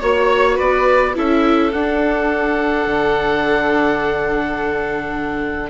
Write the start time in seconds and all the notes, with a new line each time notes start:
0.00 A#3 F#4 C#5
0.55 B3 B4 D5
1.15 C#4 E4 A4 E5
1.72 D4 F#5
2.86 D3